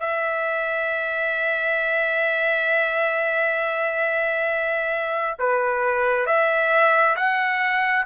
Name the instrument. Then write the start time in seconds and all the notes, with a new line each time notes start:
trumpet
0.00 E5
5.39 B4
6.26 E5
7.16 F#5